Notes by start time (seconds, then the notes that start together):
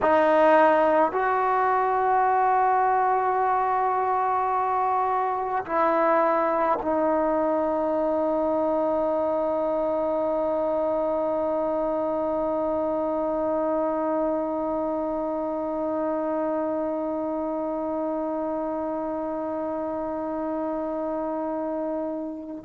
0.02 D#4
1.12 F#4
5.65 E4
6.82 D#4